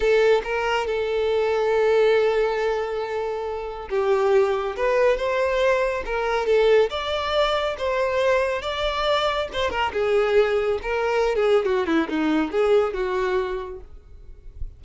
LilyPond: \new Staff \with { instrumentName = "violin" } { \time 4/4 \tempo 4 = 139 a'4 ais'4 a'2~ | a'1~ | a'4 g'2 b'4 | c''2 ais'4 a'4 |
d''2 c''2 | d''2 c''8 ais'8 gis'4~ | gis'4 ais'4~ ais'16 gis'8. fis'8 e'8 | dis'4 gis'4 fis'2 | }